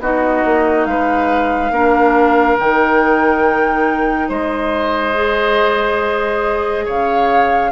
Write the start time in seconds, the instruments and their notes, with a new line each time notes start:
0.00 bassoon B3, clarinet D#4, oboe F#4, flute D#5
0.45 bassoon A#3
0.85 bassoon G#3, oboe B4, flute F5
1.70 bassoon A#3, clarinet D4, oboe A#4
2.59 bassoon D#3, clarinet D#4, flute G5
4.29 bassoon G#3, oboe C5, flute D#5
5.14 clarinet G#4
6.85 bassoon C#3, oboe C#5, flute F5